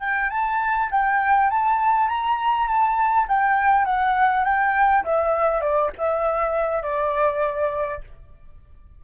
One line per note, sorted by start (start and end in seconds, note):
0.00 0.30 G5
0.30 0.89 A5
0.91 1.50 G5
1.50 2.08 A5
2.08 2.67 A#5
2.67 3.26 A5
3.28 3.85 G5
3.85 4.44 F#5
4.44 5.04 G5
5.04 5.61 E5
5.61 5.90 D5
5.98 6.83 E5
6.83 8.01 D5